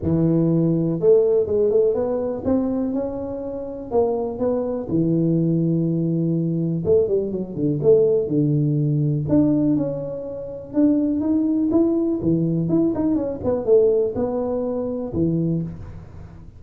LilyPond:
\new Staff \with { instrumentName = "tuba" } { \time 4/4 \tempo 4 = 123 e2 a4 gis8 a8 | b4 c'4 cis'2 | ais4 b4 e2~ | e2 a8 g8 fis8 d8 |
a4 d2 d'4 | cis'2 d'4 dis'4 | e'4 e4 e'8 dis'8 cis'8 b8 | a4 b2 e4 | }